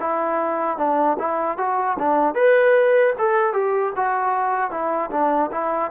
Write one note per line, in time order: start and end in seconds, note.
0.00 0.78 E4
0.78 1.17 D4
1.19 1.58 E4
1.58 1.97 F#4
1.99 2.35 D4
2.35 3.14 B4
3.18 3.53 A4
3.53 3.93 G4
3.96 4.71 F#4
4.71 5.10 E4
5.11 5.50 D4
5.52 5.91 E4